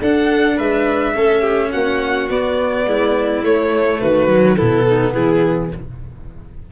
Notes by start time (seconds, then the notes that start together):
0.00 D4 A4 F#5
0.57 G#3 B4 E5
1.16 A3 C#4 A4
1.41 G4
1.72 A#3 F#4 F#5
2.30 B3 D5
2.87 G#3 E4
3.44 A3 C#5
4.01 D#3 F#4 B4
4.28 F#3
4.57 B2 B3 E4 A4
4.88 D#4
5.14 E3 E4 G#4